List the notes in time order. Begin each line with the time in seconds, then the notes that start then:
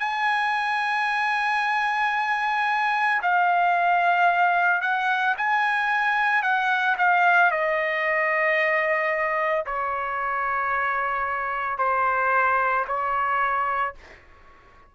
0.00 G#5
3.22 F5
4.82 F#5
5.38 G#5
6.43 F#5
6.98 F5
7.51 D#5
9.66 C#5
11.79 C5
12.88 C#5